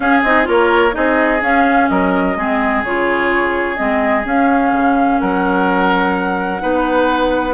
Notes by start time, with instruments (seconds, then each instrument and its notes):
0.00 bassoon C#4, clarinet C#4, oboe G#4, flute F5
0.23 bassoon C4, clarinet D#4, flute D#5
0.44 bassoon A#3, clarinet F4, oboe A#4, flute C#5
0.91 bassoon C4, clarinet D#4, oboe G#4, flute D#5
1.41 bassoon C#4, clarinet C#4, flute F5
1.88 bassoon F#3, oboe A#4, flute D#5
2.36 bassoon G#3, clarinet C4, oboe G#4
2.83 bassoon C#3, clarinet F4, flute C#5
3.76 bassoon G#3, clarinet C4, flute D#5
4.24 clarinet C#4, bassoon C#4, flute F5
4.72 bassoon C#3
5.20 bassoon F#3, oboe A#4, flute F#5
6.59 bassoon B3, clarinet D#4, oboe B4